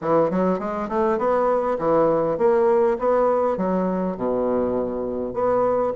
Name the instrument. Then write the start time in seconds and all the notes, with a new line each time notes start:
bassoon
0.01 E3
0.30 F#3
0.59 G#3
0.89 A3
1.18 B3
1.78 E3
2.38 A#3
2.98 B3
3.57 F#3
4.16 B2
5.33 B3